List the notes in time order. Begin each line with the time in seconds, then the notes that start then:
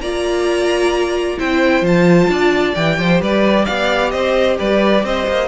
0.00 A#3 F4 D5 A#5
1.37 C4 E4 C5 G5
1.81 F3 F4 A5
2.29 D4 D5
2.75 E3 G4 G5
2.98 F3 C5
3.21 G3 B4 D5
3.65 B3 D5 F5
4.10 C4 C5 D#5
4.58 G3 B4 D5
5.04 C4 C5 D#5
5.27 A#3